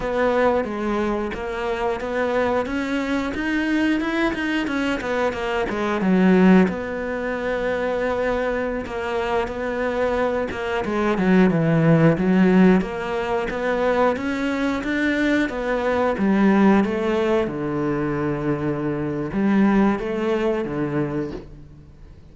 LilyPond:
\new Staff \with { instrumentName = "cello" } { \time 4/4 \tempo 4 = 90 b4 gis4 ais4 b4 | cis'4 dis'4 e'8 dis'8 cis'8 b8 | ais8 gis8 fis4 b2~ | b4~ b16 ais4 b4. ais16~ |
ais16 gis8 fis8 e4 fis4 ais8.~ | ais16 b4 cis'4 d'4 b8.~ | b16 g4 a4 d4.~ d16~ | d4 g4 a4 d4 | }